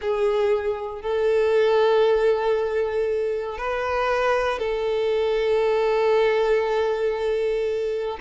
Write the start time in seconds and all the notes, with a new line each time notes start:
0.01 G#4
1.01 A4
3.58 B4
4.59 A4